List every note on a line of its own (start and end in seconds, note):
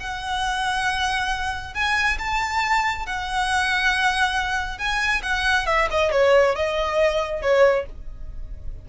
0.00 1.74 F#5
1.74 2.18 G#5
2.19 3.06 A5
3.06 4.78 F#5
4.78 5.22 G#5
5.23 5.66 F#5
5.66 5.88 E5
5.91 6.12 D#5
6.12 6.56 C#5
6.56 7.42 D#5
7.42 7.86 C#5